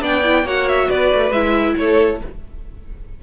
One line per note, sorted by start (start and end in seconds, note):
0.00 0.44 B3
0.00 0.22 D4
0.00 0.45 D5
0.00 0.47 G5
0.24 0.45 E4
0.44 0.87 A#3
0.44 1.32 F#4
0.44 0.88 C#5
0.44 0.68 F#5
0.68 0.89 E5
0.88 1.12 B3
0.88 1.75 B4
0.88 1.31 D5
1.13 1.30 A3
1.30 1.74 G#3
1.30 2.21 E4
1.30 1.75 E5
1.77 2.20 A3
1.77 2.23 A4
1.77 2.21 C#5